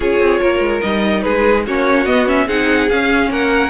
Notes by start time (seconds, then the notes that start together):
0.00 C#4 F4 G#4 C#5
0.19 C4
0.40 A#3 A#4
0.59 G#3
0.81 G3 D#4 D#5
1.21 G#3 G#4 B4
1.66 A#3 C#4 F#4 C#5
2.05 B3 D#5
2.26 C#4 E5
2.47 C4 D#4 G#4 F#5
2.89 C#4 F5
3.30 A#3 A#4 F#5